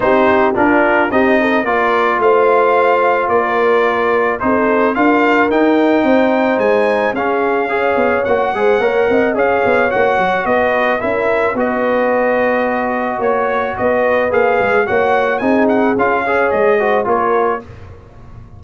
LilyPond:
<<
  \new Staff \with { instrumentName = "trumpet" } { \time 4/4 \tempo 4 = 109 c''4 ais'4 dis''4 d''4 | f''2 d''2 | c''4 f''4 g''2 | gis''4 f''2 fis''4~ |
fis''4 f''4 fis''4 dis''4 | e''4 dis''2. | cis''4 dis''4 f''4 fis''4 | gis''8 fis''8 f''4 dis''4 cis''4 | }
  \new Staff \with { instrumentName = "horn" } { \time 4/4 g'4 f'4 g'8 a'8 ais'4 | c''2 ais'2 | a'4 ais'2 c''4~ | c''4 gis'4 cis''4. c''8 |
cis''8 dis''8 cis''2 b'4 | ais'4 b'2. | cis''4 b'2 cis''4 | gis'4. cis''4 c''8 ais'4 | }
  \new Staff \with { instrumentName = "trombone" } { \time 4/4 dis'4 d'4 dis'4 f'4~ | f'1 | dis'4 f'4 dis'2~ | dis'4 cis'4 gis'4 fis'8 gis'8 |
ais'4 gis'4 fis'2 | e'4 fis'2.~ | fis'2 gis'4 fis'4 | dis'4 f'8 gis'4 fis'8 f'4 | }
  \new Staff \with { instrumentName = "tuba" } { \time 4/4 c'4 d'4 c'4 ais4 | a2 ais2 | c'4 d'4 dis'4 c'4 | gis4 cis'4. b8 ais8 gis8 |
ais8 c'8 cis'8 b8 ais8 fis8 b4 | cis'4 b2. | ais4 b4 ais8 gis8 ais4 | c'4 cis'4 gis4 ais4 | }
>>